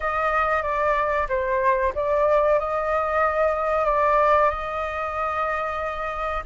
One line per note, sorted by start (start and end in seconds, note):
0.00 0.62 D#5
0.62 1.27 D5
1.28 1.93 C5
1.94 2.59 D5
2.59 3.85 D#5
3.85 4.50 D5
4.50 6.43 D#5